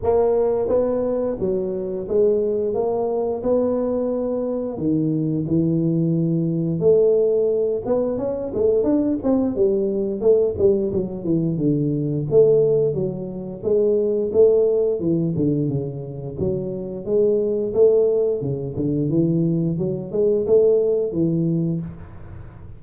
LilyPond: \new Staff \with { instrumentName = "tuba" } { \time 4/4 \tempo 4 = 88 ais4 b4 fis4 gis4 | ais4 b2 dis4 | e2 a4. b8 | cis'8 a8 d'8 c'8 g4 a8 g8 |
fis8 e8 d4 a4 fis4 | gis4 a4 e8 d8 cis4 | fis4 gis4 a4 cis8 d8 | e4 fis8 gis8 a4 e4 | }